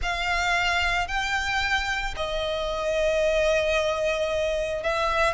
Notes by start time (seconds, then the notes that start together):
0.02 F5
1.07 G5
2.16 D#5
4.83 E5